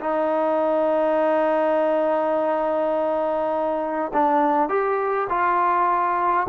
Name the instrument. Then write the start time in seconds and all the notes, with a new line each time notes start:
trombone
0.00 D#4
4.13 D4
4.69 G4
5.29 F4